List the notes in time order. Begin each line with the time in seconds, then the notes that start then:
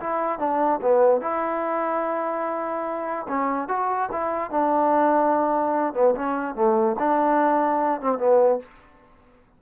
0.00 E4
0.39 D4
0.82 B3
1.21 E4
3.28 C#4
3.68 F#4
4.12 E4
4.50 D4
5.94 B3
6.15 C#4
6.55 A3
6.99 D4
8.01 C4
8.18 B3